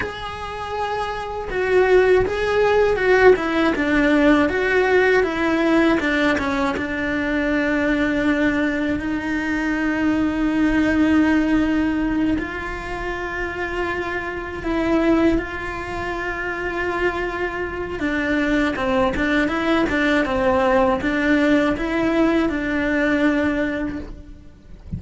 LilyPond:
\new Staff \with { instrumentName = "cello" } { \time 4/4 \tempo 4 = 80 gis'2 fis'4 gis'4 | fis'8 e'8 d'4 fis'4 e'4 | d'8 cis'8 d'2. | dis'1~ |
dis'8 f'2. e'8~ | e'8 f'2.~ f'8 | d'4 c'8 d'8 e'8 d'8 c'4 | d'4 e'4 d'2 | }